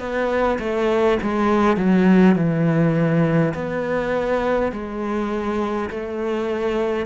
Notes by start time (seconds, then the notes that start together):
0.00 B3
0.60 A3
1.22 G#3
1.78 F#3
2.36 E3
3.55 B3
4.72 G#3
5.90 A3